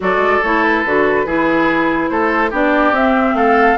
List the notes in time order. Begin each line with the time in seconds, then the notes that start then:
0.00 F#3 F#4 A4 D5
0.17 G#3
0.43 A3 E4 C#5
0.63 B4
0.85 D3 F#4
1.25 E3 E4 G#4
2.09 A3 A4 C5
2.50 B3 D4 G4 D5
2.91 C4 E5
3.33 A3 A4 F5